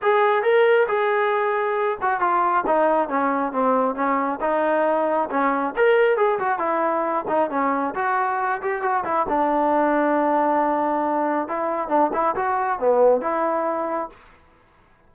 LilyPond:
\new Staff \with { instrumentName = "trombone" } { \time 4/4 \tempo 4 = 136 gis'4 ais'4 gis'2~ | gis'8 fis'8 f'4 dis'4 cis'4 | c'4 cis'4 dis'2 | cis'4 ais'4 gis'8 fis'8 e'4~ |
e'8 dis'8 cis'4 fis'4. g'8 | fis'8 e'8 d'2.~ | d'2 e'4 d'8 e'8 | fis'4 b4 e'2 | }